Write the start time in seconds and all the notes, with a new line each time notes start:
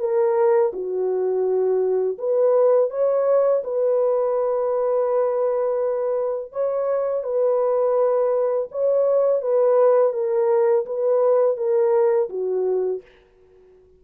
0.00 A#4
0.74 F#4
2.19 B4
2.91 C#5
3.64 B4
6.53 C#5
7.24 B4
8.72 C#5
9.42 B4
10.14 A#4
10.86 B4
11.57 A#4
12.30 F#4